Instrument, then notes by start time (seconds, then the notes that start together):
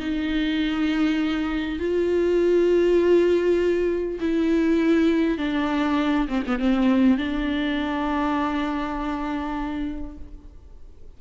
viola
0.00 D#4
1.79 F4
4.20 E4
5.38 D4
6.28 C4
6.47 B3
6.59 C4
7.18 D4